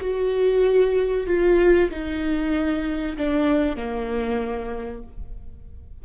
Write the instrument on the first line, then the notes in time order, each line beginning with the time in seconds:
viola
0.00 F#4
1.27 F4
1.90 D#4
3.17 D4
3.76 A#3